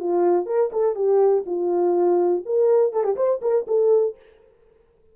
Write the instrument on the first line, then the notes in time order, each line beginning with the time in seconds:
horn
0.00 F4
0.47 A#4
0.73 A4
0.96 G4
1.46 F4
2.46 A#4
2.93 A4
3.04 G4
3.16 C5
3.42 A#4
3.67 A4